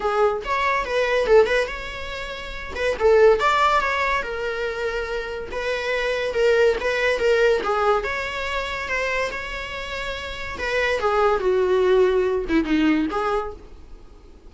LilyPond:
\new Staff \with { instrumentName = "viola" } { \time 4/4 \tempo 4 = 142 gis'4 cis''4 b'4 a'8 b'8 | cis''2~ cis''8 b'8 a'4 | d''4 cis''4 ais'2~ | ais'4 b'2 ais'4 |
b'4 ais'4 gis'4 cis''4~ | cis''4 c''4 cis''2~ | cis''4 b'4 gis'4 fis'4~ | fis'4. e'8 dis'4 gis'4 | }